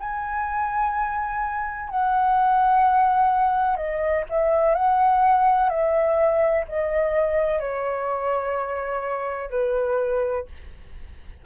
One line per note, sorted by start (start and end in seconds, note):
0.00 1.90 G#5
1.90 3.77 F#5
3.77 4.24 D#5
4.30 4.75 E5
4.75 5.70 F#5
5.70 6.65 E5
6.68 7.60 D#5
7.60 9.50 C#5
9.50 10.45 B4